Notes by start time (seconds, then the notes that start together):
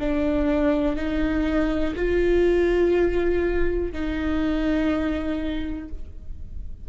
0.00 D4
0.97 D#4
1.96 F4
3.93 D#4